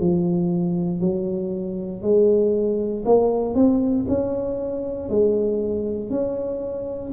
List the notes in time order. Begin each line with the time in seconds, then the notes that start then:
0.00 F3
1.00 F#3
2.02 G#3
3.05 A#3
3.55 C4
4.08 C#4
5.09 G#3
6.10 C#4